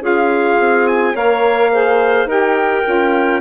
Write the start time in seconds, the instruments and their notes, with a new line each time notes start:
0.00 bassoon C#4, saxophone F4, clarinet G#4, trumpet F5
0.59 bassoon C4
0.87 trumpet G#5
1.14 bassoon A#3, saxophone A#4, clarinet C#5, trumpet F5
1.71 saxophone G#4, clarinet C5
2.25 bassoon D#4, saxophone G4, clarinet A#4, trumpet G5
2.85 bassoon C#4, saxophone F4